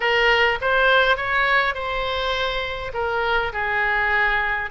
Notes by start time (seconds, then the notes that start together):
0.00 A#4
0.61 C5
1.16 C#5
1.74 C5
2.93 A#4
3.52 G#4